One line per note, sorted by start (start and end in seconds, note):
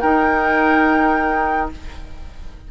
0.00 1.71 D#4
0.00 1.70 A#4
0.00 1.69 G5